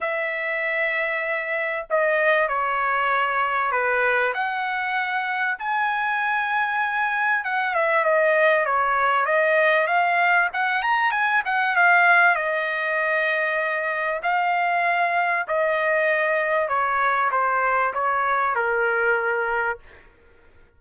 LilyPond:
\new Staff \with { instrumentName = "trumpet" } { \time 4/4 \tempo 4 = 97 e''2. dis''4 | cis''2 b'4 fis''4~ | fis''4 gis''2. | fis''8 e''8 dis''4 cis''4 dis''4 |
f''4 fis''8 ais''8 gis''8 fis''8 f''4 | dis''2. f''4~ | f''4 dis''2 cis''4 | c''4 cis''4 ais'2 | }